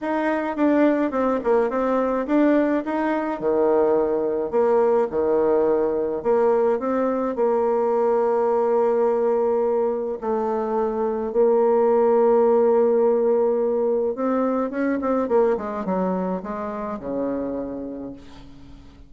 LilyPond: \new Staff \with { instrumentName = "bassoon" } { \time 4/4 \tempo 4 = 106 dis'4 d'4 c'8 ais8 c'4 | d'4 dis'4 dis2 | ais4 dis2 ais4 | c'4 ais2.~ |
ais2 a2 | ais1~ | ais4 c'4 cis'8 c'8 ais8 gis8 | fis4 gis4 cis2 | }